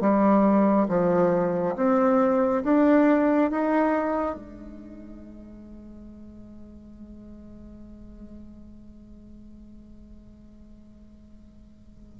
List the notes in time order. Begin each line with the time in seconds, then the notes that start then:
0.00 G3
0.88 F3
1.75 C4
2.63 D4
3.51 D#4
4.35 G#3